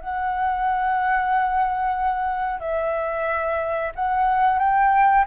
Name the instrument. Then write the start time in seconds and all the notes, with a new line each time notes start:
flute
0.00 F#5
2.60 E5
3.95 F#5
4.59 G5